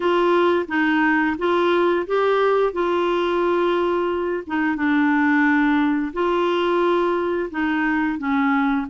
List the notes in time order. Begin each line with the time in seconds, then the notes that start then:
0.00 F4
0.68 D#4
1.38 F4
2.06 G4
2.73 F4
4.47 D#4
4.76 D4
6.13 F4
7.50 D#4
8.18 C#4